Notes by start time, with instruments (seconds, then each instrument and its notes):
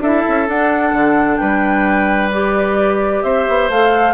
0.00 bassoon D4, clarinet E4, oboe A4, flute E5
0.28 bassoon C#4
0.48 clarinet D4, bassoon D4, flute F#5
0.92 bassoon D3
1.37 bassoon G3, oboe B4, flute G5
2.32 clarinet G4, flute D5
3.23 bassoon C4, oboe C5, flute E5
3.48 bassoon B3
3.69 bassoon A3, clarinet A4, flute F5